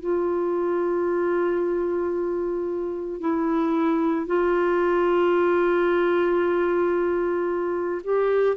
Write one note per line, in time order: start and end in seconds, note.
0.00 3.20 F4
3.20 4.26 E4
4.26 8.01 F4
8.03 8.56 G4